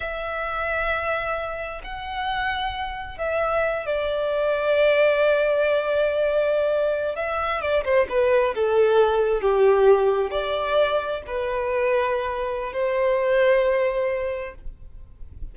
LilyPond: \new Staff \with { instrumentName = "violin" } { \time 4/4 \tempo 4 = 132 e''1 | fis''2. e''4~ | e''8 d''2.~ d''8~ | d''2.~ d''8. e''16~ |
e''8. d''8 c''8 b'4 a'4~ a'16~ | a'8. g'2 d''4~ d''16~ | d''8. b'2.~ b'16 | c''1 | }